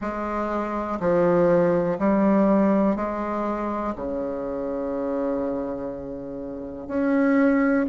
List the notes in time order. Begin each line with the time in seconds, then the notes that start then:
0.00 G#3
1.00 F3
1.99 G3
2.96 G#3
3.95 C#3
6.87 C#4